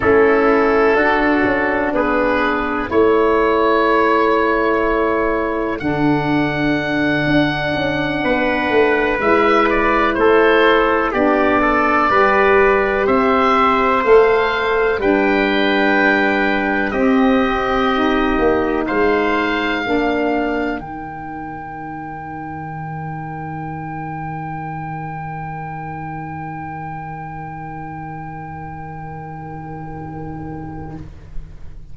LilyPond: <<
  \new Staff \with { instrumentName = "oboe" } { \time 4/4 \tempo 4 = 62 a'2 b'4 cis''4~ | cis''2 fis''2~ | fis''4. e''8 d''8 c''4 d''8~ | d''4. e''4 f''4 g''8~ |
g''4. dis''2 f''8~ | f''4. g''2~ g''8~ | g''1~ | g''1 | }
  \new Staff \with { instrumentName = "trumpet" } { \time 4/4 e'4 fis'4 gis'4 a'4~ | a'1~ | a'8 b'2 a'4 g'8 | a'8 b'4 c''2 b'8~ |
b'4. g'2 c''8~ | c''8 ais'2.~ ais'8~ | ais'1~ | ais'1 | }
  \new Staff \with { instrumentName = "saxophone" } { \time 4/4 cis'4 d'2 e'4~ | e'2 d'2~ | d'4. e'2 d'8~ | d'8 g'2 a'4 d'8~ |
d'4. c'4 dis'4.~ | dis'8 d'4 dis'2~ dis'8~ | dis'1~ | dis'1 | }
  \new Staff \with { instrumentName = "tuba" } { \time 4/4 a4 d'8 cis'8 b4 a4~ | a2 d4. d'8 | cis'8 b8 a8 gis4 a4 b8~ | b8 g4 c'4 a4 g8~ |
g4. c'4. ais8 gis8~ | gis8 ais4 dis2~ dis8~ | dis1~ | dis1 | }
>>